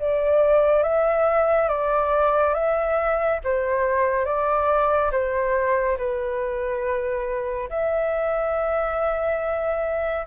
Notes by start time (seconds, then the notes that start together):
0.00 D5
0.83 E5
1.69 D5
2.54 E5
3.44 C5
4.25 D5
5.12 C5
5.98 B4
7.70 E5